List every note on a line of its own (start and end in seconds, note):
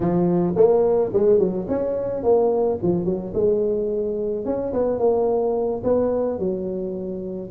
0.00 0.54 F3
0.56 1.11 A#3
1.13 1.38 G#3
1.38 1.66 F#3
1.68 2.23 C#4
2.23 2.78 A#3
2.82 3.05 F3
3.05 3.32 F#3
3.34 4.45 G#3
4.45 4.72 C#4
4.73 4.98 B3
4.98 5.82 A#3
5.83 6.38 B3
6.38 7.49 F#3